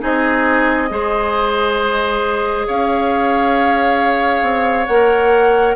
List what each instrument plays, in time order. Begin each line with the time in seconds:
0.00 bassoon C4, clarinet D#4, oboe G#4, flute D#5
0.89 bassoon G#3, clarinet G#4, oboe C5
2.67 bassoon C#4, oboe C#5, flute F5
4.43 bassoon C4
4.87 bassoon A#3, clarinet A#4, flute F#5